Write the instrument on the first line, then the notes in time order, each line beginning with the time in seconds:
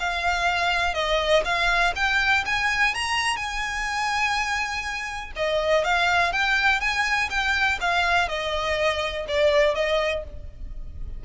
violin
0.00 F5
0.94 D#5
1.45 F5
1.96 G5
2.46 G#5
2.95 A#5
3.37 G#5
5.37 D#5
5.85 F5
6.33 G5
6.81 G#5
7.31 G5
7.81 F5
8.29 D#5
9.28 D5
9.75 D#5